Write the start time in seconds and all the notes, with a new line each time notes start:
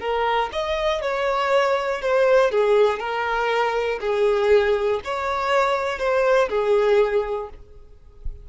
0.00 A#4
0.53 D#5
1.02 C#5
2.02 C5
2.51 G#4
2.99 A#4
4.00 G#4
5.04 C#5
5.99 C5
6.49 G#4